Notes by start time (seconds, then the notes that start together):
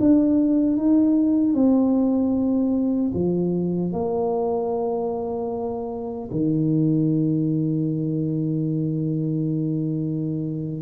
0.00 D4
0.77 D#4
1.54 C4
3.14 F3
3.93 A#3
6.31 D#3